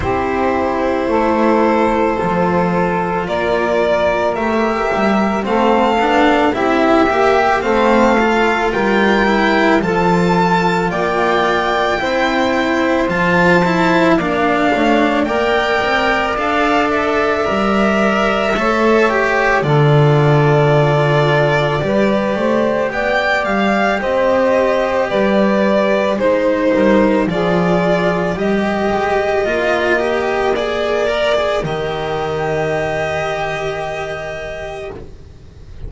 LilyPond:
<<
  \new Staff \with { instrumentName = "violin" } { \time 4/4 \tempo 4 = 55 c''2. d''4 | e''4 f''4 e''4 f''4 | g''4 a''4 g''2 | a''4 f''4 g''4 f''8 e''8~ |
e''2 d''2~ | d''4 g''8 f''8 dis''4 d''4 | c''4 d''4 dis''2 | d''4 dis''2. | }
  \new Staff \with { instrumentName = "saxophone" } { \time 4/4 g'4 a'2 ais'4~ | ais'4 a'4 g'4 a'4 | ais'4 a'4 d''4 c''4~ | c''4 d''8 cis''8 d''2~ |
d''4 cis''4 a'2 | b'8 c''8 d''4 c''4 b'4 | c''8 ais'8 gis'4 ais'2~ | ais'1 | }
  \new Staff \with { instrumentName = "cello" } { \time 4/4 e'2 f'2 | g'4 c'8 d'8 e'8 g'8 c'8 f'8~ | f'8 e'8 f'2 e'4 | f'8 e'8 d'4 ais'4 a'4 |
ais'4 a'8 g'8 f'2 | g'1 | dis'4 f'4 g'4 f'8 g'8 | gis'8 ais'16 gis'16 g'2. | }
  \new Staff \with { instrumentName = "double bass" } { \time 4/4 c'4 a4 f4 ais4 | a8 g8 a8 b8 c'8 ais8 a4 | g4 f4 ais4 c'4 | f4 ais8 a8 ais8 c'8 d'4 |
g4 a4 d2 | g8 a8 b8 g8 c'4 g4 | gis8 g8 f4 g8 gis8 ais4~ | ais4 dis2. | }
>>